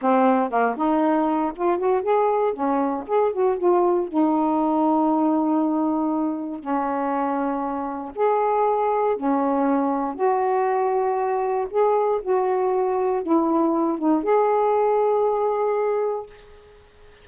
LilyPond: \new Staff \with { instrumentName = "saxophone" } { \time 4/4 \tempo 4 = 118 c'4 ais8 dis'4. f'8 fis'8 | gis'4 cis'4 gis'8 fis'8 f'4 | dis'1~ | dis'4 cis'2. |
gis'2 cis'2 | fis'2. gis'4 | fis'2 e'4. dis'8 | gis'1 | }